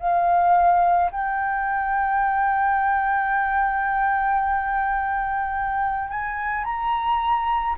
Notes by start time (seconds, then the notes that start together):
0.00 F5
1.11 G5
6.10 G#5
6.64 A#5